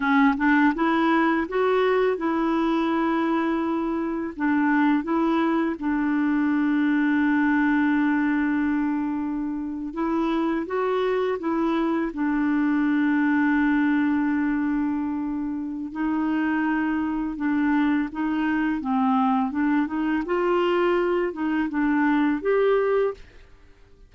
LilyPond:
\new Staff \with { instrumentName = "clarinet" } { \time 4/4 \tempo 4 = 83 cis'8 d'8 e'4 fis'4 e'4~ | e'2 d'4 e'4 | d'1~ | d'4.~ d'16 e'4 fis'4 e'16~ |
e'8. d'2.~ d'16~ | d'2 dis'2 | d'4 dis'4 c'4 d'8 dis'8 | f'4. dis'8 d'4 g'4 | }